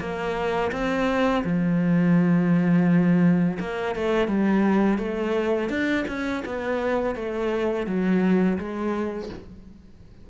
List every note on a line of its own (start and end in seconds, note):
0.00 0.71 A#3
0.72 1.43 C4
1.44 3.58 F3
3.59 3.95 A#3
3.95 4.28 A3
4.28 4.98 G3
4.98 5.69 A3
5.69 6.05 D4
6.07 6.43 C#4
6.45 7.15 B3
7.15 7.86 A3
7.86 8.58 F#3
8.58 9.29 G#3